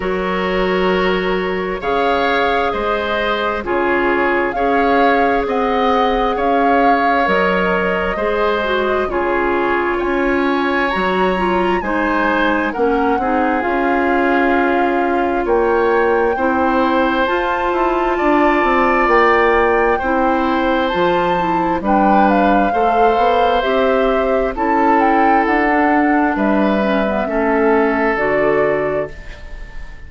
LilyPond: <<
  \new Staff \with { instrumentName = "flute" } { \time 4/4 \tempo 4 = 66 cis''2 f''4 dis''4 | cis''4 f''4 fis''4 f''4 | dis''2 cis''4 gis''4 | ais''4 gis''4 fis''4 f''4~ |
f''4 g''2 a''4~ | a''4 g''2 a''4 | g''8 f''4. e''4 a''8 g''8 | fis''4 e''2 d''4 | }
  \new Staff \with { instrumentName = "oboe" } { \time 4/4 ais'2 cis''4 c''4 | gis'4 cis''4 dis''4 cis''4~ | cis''4 c''4 gis'4 cis''4~ | cis''4 c''4 ais'8 gis'4.~ |
gis'4 cis''4 c''2 | d''2 c''2 | b'4 c''2 a'4~ | a'4 b'4 a'2 | }
  \new Staff \with { instrumentName = "clarinet" } { \time 4/4 fis'2 gis'2 | f'4 gis'2. | ais'4 gis'8 fis'8 f'2 | fis'8 f'8 dis'4 cis'8 dis'8 f'4~ |
f'2 e'4 f'4~ | f'2 e'4 f'8 e'8 | d'4 a'4 g'4 e'4~ | e'16 d'4~ d'16 cis'16 b16 cis'4 fis'4 | }
  \new Staff \with { instrumentName = "bassoon" } { \time 4/4 fis2 cis4 gis4 | cis4 cis'4 c'4 cis'4 | fis4 gis4 cis4 cis'4 | fis4 gis4 ais8 c'8 cis'4~ |
cis'4 ais4 c'4 f'8 e'8 | d'8 c'8 ais4 c'4 f4 | g4 a8 b8 c'4 cis'4 | d'4 g4 a4 d4 | }
>>